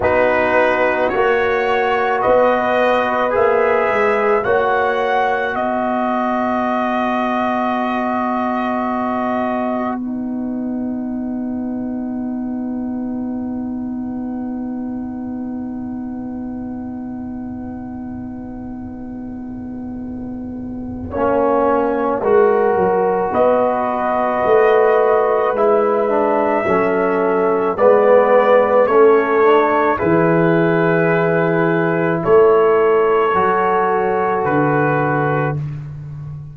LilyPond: <<
  \new Staff \with { instrumentName = "trumpet" } { \time 4/4 \tempo 4 = 54 b'4 cis''4 dis''4 e''4 | fis''4 dis''2.~ | dis''4 fis''2.~ | fis''1~ |
fis''1~ | fis''4 dis''2 e''4~ | e''4 d''4 cis''4 b'4~ | b'4 cis''2 b'4 | }
  \new Staff \with { instrumentName = "horn" } { \time 4/4 fis'2 b'2 | cis''4 b'2.~ | b'1~ | b'1~ |
b'2. cis''4 | ais'4 b'2. | a'4 b'4 a'4 gis'4~ | gis'4 a'2. | }
  \new Staff \with { instrumentName = "trombone" } { \time 4/4 dis'4 fis'2 gis'4 | fis'1~ | fis'4 dis'2.~ | dis'1~ |
dis'2. cis'4 | fis'2. e'8 d'8 | cis'4 b4 cis'8 d'8 e'4~ | e'2 fis'2 | }
  \new Staff \with { instrumentName = "tuba" } { \time 4/4 b4 ais4 b4 ais8 gis8 | ais4 b2.~ | b1~ | b1~ |
b2. ais4 | gis8 fis8 b4 a4 gis4 | fis4 gis4 a4 e4~ | e4 a4 fis4 d4 | }
>>